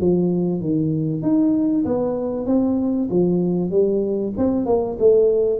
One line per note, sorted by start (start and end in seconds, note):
0.00 0.61 F3
0.61 1.22 D#3
1.22 1.85 D#4
1.85 2.46 B3
2.46 3.09 C4
3.10 3.70 F3
3.70 4.33 G3
4.38 4.66 C4
4.66 4.97 A#3
4.99 5.60 A3